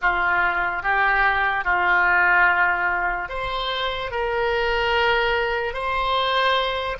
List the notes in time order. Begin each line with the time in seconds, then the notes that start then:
0.01 F4
0.83 G4
1.64 F4
3.28 C5
4.11 A#4
5.73 C5